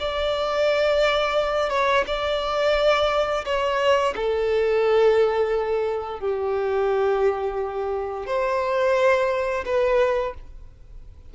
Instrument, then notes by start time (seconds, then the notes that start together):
violin
0.00 D5
1.70 C#5
2.07 D5
3.45 C#5
4.16 A4
6.20 G4
8.27 C5
9.65 B4